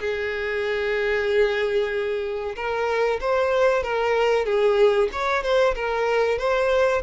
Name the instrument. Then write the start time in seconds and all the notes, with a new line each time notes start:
violin
0.00 G#4
2.56 A#4
3.21 C5
3.83 A#4
4.45 G#4
5.12 C#5
5.43 C5
5.75 A#4
6.38 C5